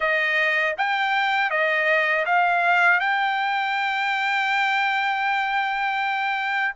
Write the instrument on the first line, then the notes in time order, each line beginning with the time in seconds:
trumpet
0.00 D#5
0.77 G5
1.50 D#5
2.25 F5
3.00 G5